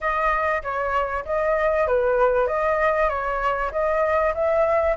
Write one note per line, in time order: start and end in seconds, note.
0.00 0.62 D#5
0.62 1.24 C#5
1.25 1.87 D#5
1.87 2.47 B4
2.47 3.09 D#5
3.09 3.71 C#5
3.71 4.33 D#5
4.34 4.96 E5